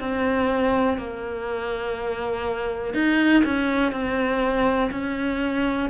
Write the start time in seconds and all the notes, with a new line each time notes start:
0.00 C4
0.98 A#3
2.95 D#4
3.45 C#4
3.93 C4
4.91 C#4